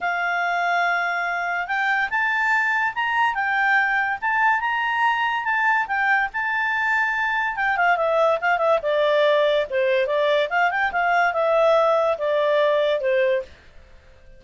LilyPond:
\new Staff \with { instrumentName = "clarinet" } { \time 4/4 \tempo 4 = 143 f''1 | g''4 a''2 ais''4 | g''2 a''4 ais''4~ | ais''4 a''4 g''4 a''4~ |
a''2 g''8 f''8 e''4 | f''8 e''8 d''2 c''4 | d''4 f''8 g''8 f''4 e''4~ | e''4 d''2 c''4 | }